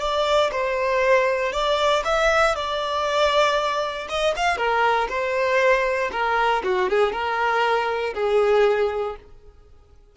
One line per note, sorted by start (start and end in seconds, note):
0.00 0.51 D5
0.51 1.53 C5
1.53 2.03 D5
2.05 2.55 E5
2.55 4.08 D5
4.09 4.35 D#5
4.36 4.57 F5
4.57 5.08 A#4
5.09 6.11 C5
6.12 6.63 A#4
6.64 6.89 F#4
6.89 7.12 G#4
7.12 8.14 A#4
8.14 9.16 G#4